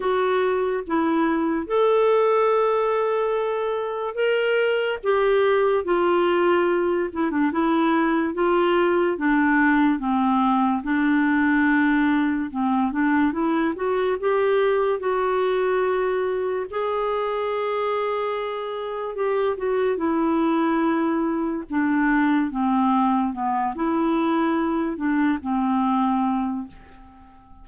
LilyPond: \new Staff \with { instrumentName = "clarinet" } { \time 4/4 \tempo 4 = 72 fis'4 e'4 a'2~ | a'4 ais'4 g'4 f'4~ | f'8 e'16 d'16 e'4 f'4 d'4 | c'4 d'2 c'8 d'8 |
e'8 fis'8 g'4 fis'2 | gis'2. g'8 fis'8 | e'2 d'4 c'4 | b8 e'4. d'8 c'4. | }